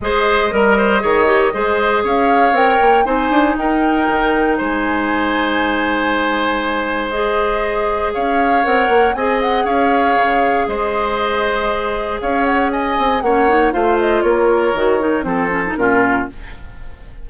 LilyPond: <<
  \new Staff \with { instrumentName = "flute" } { \time 4/4 \tempo 4 = 118 dis''1 | f''4 g''4 gis''4 g''4~ | g''4 gis''2.~ | gis''2 dis''2 |
f''4 fis''4 gis''8 fis''8 f''4~ | f''4 dis''2. | f''8 fis''8 gis''4 fis''4 f''8 dis''8 | cis''2 c''4 ais'4 | }
  \new Staff \with { instrumentName = "oboe" } { \time 4/4 c''4 ais'8 c''8 cis''4 c''4 | cis''2 c''4 ais'4~ | ais'4 c''2.~ | c''1 |
cis''2 dis''4 cis''4~ | cis''4 c''2. | cis''4 dis''4 cis''4 c''4 | ais'2 a'4 f'4 | }
  \new Staff \with { instrumentName = "clarinet" } { \time 4/4 gis'4 ais'4 gis'8 g'8 gis'4~ | gis'4 ais'4 dis'2~ | dis'1~ | dis'2 gis'2~ |
gis'4 ais'4 gis'2~ | gis'1~ | gis'2 cis'8 dis'8 f'4~ | f'4 fis'8 dis'8 c'8 cis'16 dis'16 cis'4 | }
  \new Staff \with { instrumentName = "bassoon" } { \time 4/4 gis4 g4 dis4 gis4 | cis'4 c'8 ais8 c'8 d'8 dis'4 | dis4 gis2.~ | gis1 |
cis'4 c'8 ais8 c'4 cis'4 | cis4 gis2. | cis'4. c'8 ais4 a4 | ais4 dis4 f4 ais,4 | }
>>